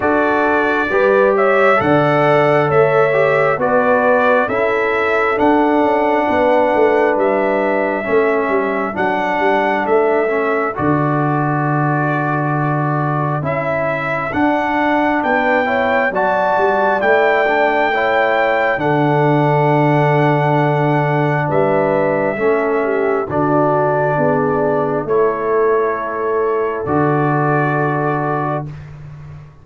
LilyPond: <<
  \new Staff \with { instrumentName = "trumpet" } { \time 4/4 \tempo 4 = 67 d''4. e''8 fis''4 e''4 | d''4 e''4 fis''2 | e''2 fis''4 e''4 | d''2. e''4 |
fis''4 g''4 a''4 g''4~ | g''4 fis''2. | e''2 d''2 | cis''2 d''2 | }
  \new Staff \with { instrumentName = "horn" } { \time 4/4 a'4 b'8 cis''8 d''4 cis''4 | b'4 a'2 b'4~ | b'4 a'2.~ | a'1~ |
a'4 b'8 cis''8 d''2 | cis''4 a'2. | b'4 a'8 g'8 fis'4 gis'4 | a'1 | }
  \new Staff \with { instrumentName = "trombone" } { \time 4/4 fis'4 g'4 a'4. g'8 | fis'4 e'4 d'2~ | d'4 cis'4 d'4. cis'8 | fis'2. e'4 |
d'4. e'8 fis'4 e'8 d'8 | e'4 d'2.~ | d'4 cis'4 d'2 | e'2 fis'2 | }
  \new Staff \with { instrumentName = "tuba" } { \time 4/4 d'4 g4 d4 a4 | b4 cis'4 d'8 cis'8 b8 a8 | g4 a8 g8 fis8 g8 a4 | d2. cis'4 |
d'4 b4 fis8 g8 a4~ | a4 d2. | g4 a4 d4 b4 | a2 d2 | }
>>